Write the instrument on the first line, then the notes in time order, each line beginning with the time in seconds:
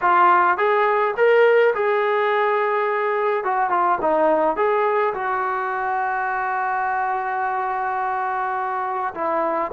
trombone
0.01 F4
0.57 G#4
1.17 A#4
1.74 G#4
3.44 F#4
3.69 F4
4.01 D#4
4.56 G#4
5.14 F#4
9.14 E4